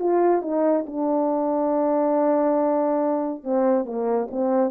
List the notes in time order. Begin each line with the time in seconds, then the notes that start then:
0.00 F4
0.42 D#4
0.86 D4
3.44 C4
3.86 A#3
4.31 C4